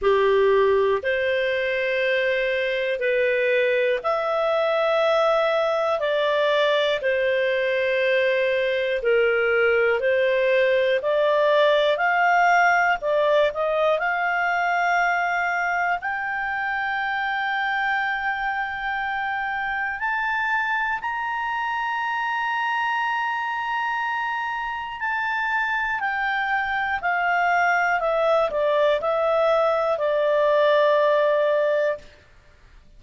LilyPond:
\new Staff \with { instrumentName = "clarinet" } { \time 4/4 \tempo 4 = 60 g'4 c''2 b'4 | e''2 d''4 c''4~ | c''4 ais'4 c''4 d''4 | f''4 d''8 dis''8 f''2 |
g''1 | a''4 ais''2.~ | ais''4 a''4 g''4 f''4 | e''8 d''8 e''4 d''2 | }